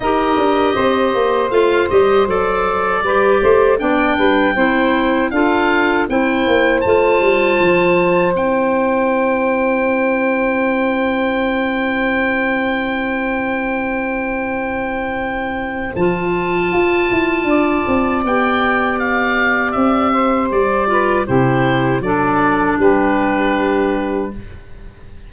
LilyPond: <<
  \new Staff \with { instrumentName = "oboe" } { \time 4/4 \tempo 4 = 79 dis''2 f''8 dis''8 d''4~ | d''4 g''2 f''4 | g''4 a''2 g''4~ | g''1~ |
g''1~ | g''4 a''2. | g''4 f''4 e''4 d''4 | c''4 d''4 b'2 | }
  \new Staff \with { instrumentName = "saxophone" } { \time 4/4 ais'4 c''2. | b'8 c''8 d''8 b'8 c''4 a'4 | c''1~ | c''1~ |
c''1~ | c''2. d''4~ | d''2~ d''8 c''4 b'8 | g'4 a'4 g'2 | }
  \new Staff \with { instrumentName = "clarinet" } { \time 4/4 g'2 f'8 g'8 a'4 | g'4 d'4 e'4 f'4 | e'4 f'2 e'4~ | e'1~ |
e'1~ | e'4 f'2. | g'2.~ g'8 f'8 | e'4 d'2. | }
  \new Staff \with { instrumentName = "tuba" } { \time 4/4 dis'8 d'8 c'8 ais8 a8 g8 fis4 | g8 a8 b8 g8 c'4 d'4 | c'8 ais8 a8 g8 f4 c'4~ | c'1~ |
c'1~ | c'4 f4 f'8 e'8 d'8 c'8 | b2 c'4 g4 | c4 fis4 g2 | }
>>